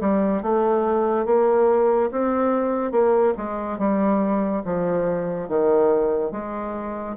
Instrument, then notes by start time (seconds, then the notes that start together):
bassoon
0.00 G3
0.42 A3
1.26 A#3
2.11 C4
2.91 A#3
3.37 G#3
3.78 G3
4.64 F3
5.48 D#3
6.31 G#3